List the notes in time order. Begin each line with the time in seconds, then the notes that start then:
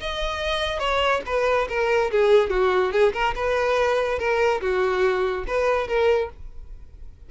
0.00 D#5
0.79 C#5
1.26 B4
1.69 A#4
2.11 G#4
2.50 F#4
2.92 G#4
3.13 A#4
3.35 B4
4.19 A#4
4.61 F#4
5.47 B4
5.88 A#4